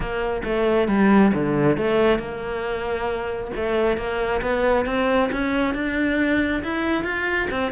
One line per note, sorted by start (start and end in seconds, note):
0.00 0.42 A#3
0.44 0.88 A3
0.88 1.32 G3
1.34 1.77 D3
1.77 2.18 A3
2.18 3.51 A#3
3.56 3.97 A3
3.97 4.41 A#3
4.41 4.85 B3
4.85 5.29 C4
5.32 5.74 C#4
5.74 6.62 D4
6.63 7.03 E4
7.03 7.48 F4
7.50 7.71 C4